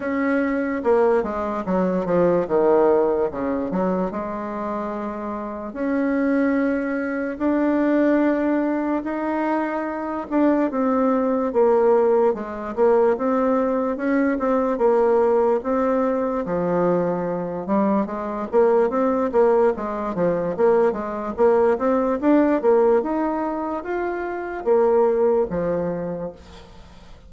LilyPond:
\new Staff \with { instrumentName = "bassoon" } { \time 4/4 \tempo 4 = 73 cis'4 ais8 gis8 fis8 f8 dis4 | cis8 fis8 gis2 cis'4~ | cis'4 d'2 dis'4~ | dis'8 d'8 c'4 ais4 gis8 ais8 |
c'4 cis'8 c'8 ais4 c'4 | f4. g8 gis8 ais8 c'8 ais8 | gis8 f8 ais8 gis8 ais8 c'8 d'8 ais8 | dis'4 f'4 ais4 f4 | }